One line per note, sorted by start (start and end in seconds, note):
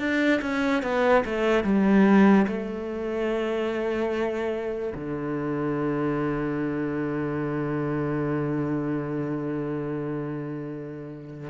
0.00 0.41 D4
0.42 0.83 C#4
0.83 1.24 B3
1.26 1.64 A3
1.64 2.47 G3
2.47 4.94 A3
4.95 11.50 D3